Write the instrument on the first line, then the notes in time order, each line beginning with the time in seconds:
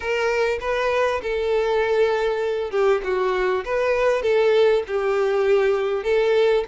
violin
0.00 A#4
0.60 B4
1.22 A4
2.71 G4
3.03 F#4
3.64 B4
4.22 A4
4.87 G4
6.03 A4